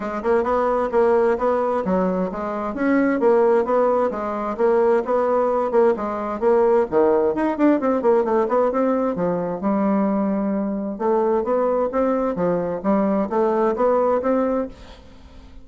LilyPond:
\new Staff \with { instrumentName = "bassoon" } { \time 4/4 \tempo 4 = 131 gis8 ais8 b4 ais4 b4 | fis4 gis4 cis'4 ais4 | b4 gis4 ais4 b4~ | b8 ais8 gis4 ais4 dis4 |
dis'8 d'8 c'8 ais8 a8 b8 c'4 | f4 g2. | a4 b4 c'4 f4 | g4 a4 b4 c'4 | }